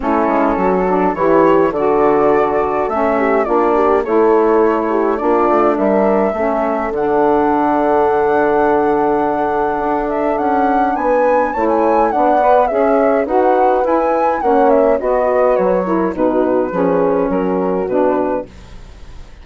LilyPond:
<<
  \new Staff \with { instrumentName = "flute" } { \time 4/4 \tempo 4 = 104 a'2 cis''4 d''4~ | d''4 e''4 d''4 cis''4~ | cis''4 d''4 e''2 | fis''1~ |
fis''4. e''8 fis''4 gis''4 | a''16 gis''8. fis''4 e''4 fis''4 | gis''4 fis''8 e''8 dis''4 cis''4 | b'2 ais'4 b'4 | }
  \new Staff \with { instrumentName = "horn" } { \time 4/4 e'4 fis'4 g'4 a'4~ | a'4. g'8 f'8 g'8 a'4~ | a'8 g'8 f'4 ais'4 a'4~ | a'1~ |
a'2. b'4 | cis''4 d''4 cis''4 b'4~ | b'4 cis''4 fis'8 b'4 ais'8 | fis'4 gis'4 fis'2 | }
  \new Staff \with { instrumentName = "saxophone" } { \time 4/4 cis'4. d'8 e'4 fis'4~ | fis'4 cis'4 d'4 e'4~ | e'4 d'2 cis'4 | d'1~ |
d'1 | e'4 d'8 b'8 gis'4 fis'4 | e'4 cis'4 fis'4. e'8 | dis'4 cis'2 d'4 | }
  \new Staff \with { instrumentName = "bassoon" } { \time 4/4 a8 gis8 fis4 e4 d4~ | d4 a4 ais4 a4~ | a4 ais8 a8 g4 a4 | d1~ |
d4 d'4 cis'4 b4 | a4 b4 cis'4 dis'4 | e'4 ais4 b4 fis4 | b,4 f4 fis4 b,4 | }
>>